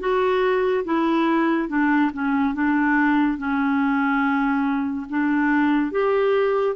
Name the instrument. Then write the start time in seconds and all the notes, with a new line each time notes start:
clarinet
0.00 F#4
0.85 E4
1.69 D4
2.13 C#4
2.54 D4
3.38 C#4
5.10 D4
5.92 G4